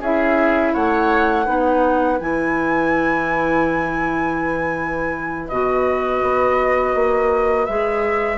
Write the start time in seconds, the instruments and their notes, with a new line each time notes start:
0.00 bassoon C#4, clarinet E4, oboe G#4, flute E5
0.73 bassoon A3, oboe C#5, flute F#5
1.45 bassoon B3, clarinet D#4, oboe B4
2.20 bassoon E3, clarinet E4, flute G#5
5.48 bassoon B2, clarinet F#4, flute D#5
6.22 bassoon B3
6.95 bassoon A#3
7.66 bassoon G#3, clarinet G#4, flute E5